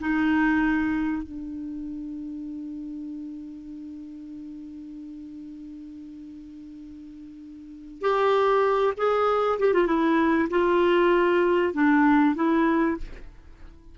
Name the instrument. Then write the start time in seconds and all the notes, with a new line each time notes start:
clarinet
0.00 D#4
1.23 D4
8.01 G4
8.97 G#4
9.59 G4
9.73 F4
9.87 E4
10.50 F4
11.74 D4
12.35 E4